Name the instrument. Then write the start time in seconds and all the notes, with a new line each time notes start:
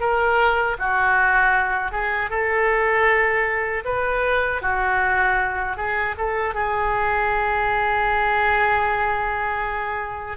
oboe
0.00 A#4
0.79 F#4
1.92 G#4
2.30 A4
3.85 B4
4.62 F#4
5.77 G#4
6.17 A4
6.55 G#4